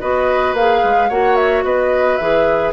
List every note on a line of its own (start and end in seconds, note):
0.00 0.53 B3
0.00 0.55 F#4
0.00 1.09 B4
0.00 0.55 D#5
0.53 0.80 A#3
0.53 1.10 G#4
0.53 1.10 F5
0.84 1.10 G#3
1.09 1.64 A#3
1.09 2.19 F#4
1.09 1.64 C#5
1.09 1.35 F#5
1.35 1.63 E5
1.64 2.18 B3
1.64 2.73 B4
1.64 2.17 D#5
2.17 2.73 E3
2.17 2.73 G#4
2.17 2.71 E5